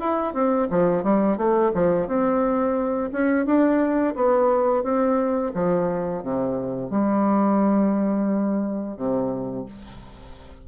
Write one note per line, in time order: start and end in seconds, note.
0.00 0.34 E4
0.34 0.68 C4
0.70 1.04 F3
1.04 1.37 G3
1.37 1.72 A3
1.75 2.08 F3
2.08 3.11 C4
3.12 3.46 C#4
3.46 4.15 D4
4.15 4.84 B3
4.84 5.53 C4
5.54 6.23 F3
6.23 6.90 C3
6.90 8.97 G3
8.97 9.66 C3